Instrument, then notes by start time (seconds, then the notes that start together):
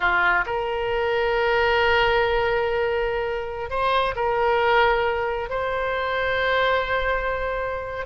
oboe
0.00 F4
0.46 A#4
3.69 C5
4.15 A#4
5.49 C5